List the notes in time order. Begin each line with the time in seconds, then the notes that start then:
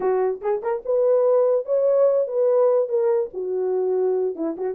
0.00 F#4
0.41 G#4
0.62 A#4
0.85 B4
1.65 C#5
2.27 B4
2.88 A#4
3.33 F#4
4.35 E4
4.57 F#4